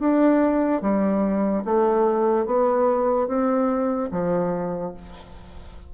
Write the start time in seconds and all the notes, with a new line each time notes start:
0.00 D4
0.82 G3
1.65 A3
2.46 B3
3.28 C4
4.12 F3